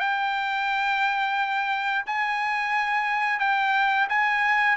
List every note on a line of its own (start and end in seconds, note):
0.00 2.05 G5
2.06 3.39 G#5
3.39 4.08 G5
4.09 4.77 G#5